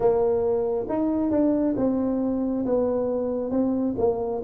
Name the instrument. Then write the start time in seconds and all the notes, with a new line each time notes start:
tuba
0.00 A#3
0.88 D#4
1.30 D4
1.76 C4
2.65 B3
3.51 C4
3.97 A#3